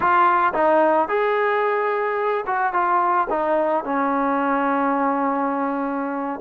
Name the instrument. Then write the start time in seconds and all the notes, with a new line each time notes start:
trombone
0.00 F4
0.53 D#4
1.08 G#4
2.46 F#4
2.73 F4
3.30 D#4
3.84 C#4